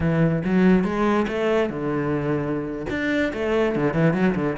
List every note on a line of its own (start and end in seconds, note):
0.00 0.42 E3
0.44 0.84 F#3
0.84 1.26 G#3
1.28 1.69 A3
1.69 2.86 D3
2.89 3.32 D4
3.33 3.75 A3
3.75 3.93 D3
3.93 4.13 E3
4.13 4.35 F#3
4.35 4.56 D3